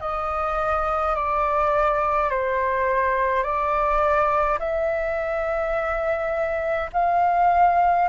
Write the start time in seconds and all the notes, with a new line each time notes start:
0.00 D#5
1.15 D5
2.30 C5
3.43 D5
4.59 E5
6.93 F5